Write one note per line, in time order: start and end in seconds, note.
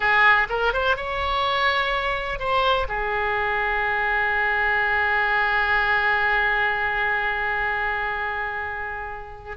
0.00 0.47 G#4
0.49 0.73 A#4
0.73 0.96 C5
0.96 2.39 C#5
2.39 2.87 C5
2.88 9.57 G#4